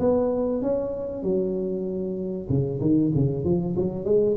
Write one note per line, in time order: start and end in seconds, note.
0.00 0.62 B3
0.62 1.23 C#4
1.23 2.48 F#3
2.49 2.81 C#3
2.81 3.12 D#3
3.15 3.45 C#3
3.45 3.76 F3
3.77 4.05 F#3
4.05 4.37 G#3